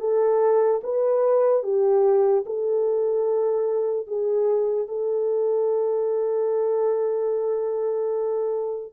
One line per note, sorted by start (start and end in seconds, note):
0.00 0.81 A4
0.83 1.63 B4
1.63 2.44 G4
2.46 4.07 A4
4.07 4.88 G#4
4.88 8.93 A4